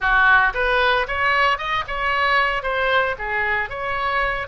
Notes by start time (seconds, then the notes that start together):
0.00 F#4
0.54 B4
1.07 C#5
1.57 D#5
1.87 C#5
2.62 C5
3.18 G#4
3.69 C#5